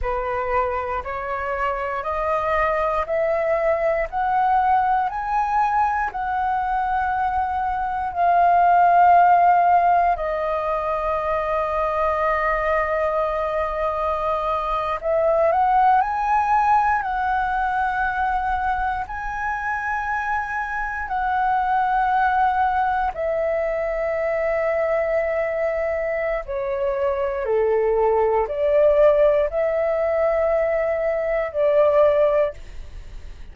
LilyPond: \new Staff \with { instrumentName = "flute" } { \time 4/4 \tempo 4 = 59 b'4 cis''4 dis''4 e''4 | fis''4 gis''4 fis''2 | f''2 dis''2~ | dis''2~ dis''8. e''8 fis''8 gis''16~ |
gis''8. fis''2 gis''4~ gis''16~ | gis''8. fis''2 e''4~ e''16~ | e''2 cis''4 a'4 | d''4 e''2 d''4 | }